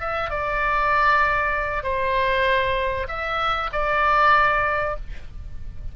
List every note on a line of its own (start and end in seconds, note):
0.00 0.30 E5
0.30 1.83 D5
1.83 3.07 C5
3.08 3.70 E5
3.72 4.96 D5